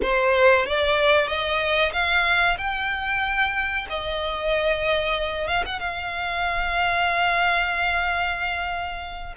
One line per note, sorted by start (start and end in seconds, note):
0.02 0.66 C5
0.66 1.27 D5
1.27 1.92 D#5
1.92 2.57 F5
2.57 3.87 G5
3.89 5.47 D#5
5.47 5.63 F5
5.65 5.79 F#5
5.79 9.34 F5